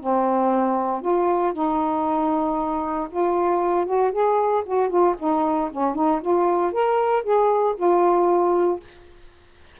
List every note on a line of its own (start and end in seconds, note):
0.00 1.01 C4
1.01 1.53 F4
1.53 3.08 D#4
3.10 3.85 F4
3.85 4.11 F#4
4.11 4.63 G#4
4.65 4.89 F#4
4.89 5.15 F4
5.18 5.70 D#4
5.70 5.95 C#4
5.95 6.20 D#4
6.21 6.72 F4
6.72 7.23 A#4
7.23 7.75 G#4
7.76 8.80 F4